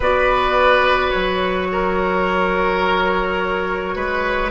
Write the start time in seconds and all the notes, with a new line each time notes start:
0.00 B3 F#4 B4 D5
1.10 F#3 C#5
1.72 A#4
3.95 G#3 B4